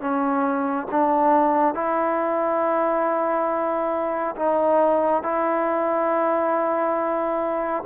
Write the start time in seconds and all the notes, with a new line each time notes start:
0.00 C#4
0.91 D4
1.74 E4
4.36 D#4
5.23 E4